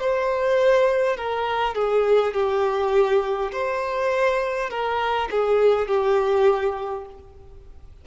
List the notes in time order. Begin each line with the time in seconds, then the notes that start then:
0.00 C5
1.17 A#4
1.75 G#4
2.34 G4
3.52 C5
4.70 A#4
5.31 G#4
5.88 G4